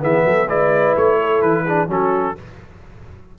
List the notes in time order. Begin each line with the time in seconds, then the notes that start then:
0.00 E3 B3 G#4 E5
0.24 F#3 A4
0.48 G#3 E4 B4 D5
0.96 A3 C#5
1.20 A4
1.41 E3 B4
1.64 D4 G#4
1.87 F#3 C#4 F#4 A4